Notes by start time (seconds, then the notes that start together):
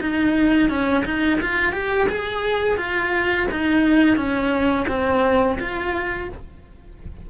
0.00 D#4
0.69 C#4
1.04 D#4
1.40 F4
1.72 G4
2.09 G#4
2.77 F4
3.51 D#4
4.16 C#4
4.88 C4
5.59 F4